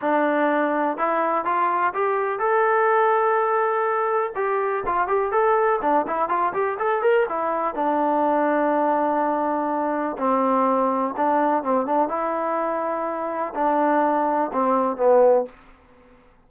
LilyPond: \new Staff \with { instrumentName = "trombone" } { \time 4/4 \tempo 4 = 124 d'2 e'4 f'4 | g'4 a'2.~ | a'4 g'4 f'8 g'8 a'4 | d'8 e'8 f'8 g'8 a'8 ais'8 e'4 |
d'1~ | d'4 c'2 d'4 | c'8 d'8 e'2. | d'2 c'4 b4 | }